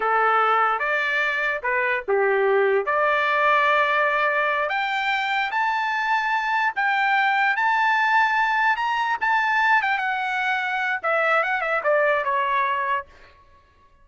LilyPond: \new Staff \with { instrumentName = "trumpet" } { \time 4/4 \tempo 4 = 147 a'2 d''2 | b'4 g'2 d''4~ | d''2.~ d''8 g''8~ | g''4. a''2~ a''8~ |
a''8 g''2 a''4.~ | a''4. ais''4 a''4. | g''8 fis''2~ fis''8 e''4 | fis''8 e''8 d''4 cis''2 | }